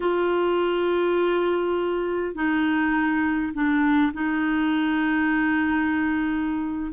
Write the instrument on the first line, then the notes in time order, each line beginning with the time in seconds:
clarinet
0.00 F4
2.34 D#4
3.53 D4
4.13 D#4